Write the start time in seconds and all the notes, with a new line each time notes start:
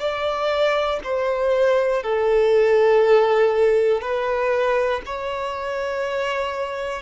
0.00 D5
1.04 C5
2.04 A4
4.02 B4
5.06 C#5